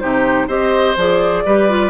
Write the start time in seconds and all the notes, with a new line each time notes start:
0.00 C3 D#4 G4 C5
0.48 C4 G4 C5 D#5
0.96 F3 G#4 D5
1.45 G3 G4 B4
1.70 F4